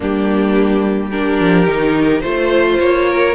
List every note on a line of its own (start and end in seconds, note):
0.00 1.39 G3
0.00 1.11 A#3
0.00 1.09 D4
0.00 1.11 G4
1.09 1.67 D4
1.09 2.21 G4
1.09 2.20 A#4
1.39 1.66 F3
1.66 2.22 D#3
1.66 2.23 D#4
2.20 2.79 A3
2.20 3.34 F4
2.20 2.77 C5
2.20 3.09 C5
2.79 3.34 A#3
2.79 3.34 C#5
3.09 3.34 A#4